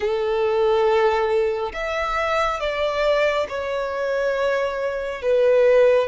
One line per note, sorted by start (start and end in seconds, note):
0.00 1.72 A4
1.73 2.60 E5
2.60 3.47 D5
3.49 5.22 C#5
5.22 6.07 B4